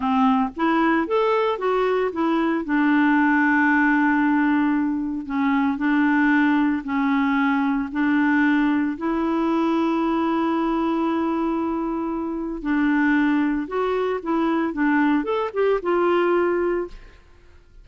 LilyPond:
\new Staff \with { instrumentName = "clarinet" } { \time 4/4 \tempo 4 = 114 c'4 e'4 a'4 fis'4 | e'4 d'2.~ | d'2 cis'4 d'4~ | d'4 cis'2 d'4~ |
d'4 e'2.~ | e'1 | d'2 fis'4 e'4 | d'4 a'8 g'8 f'2 | }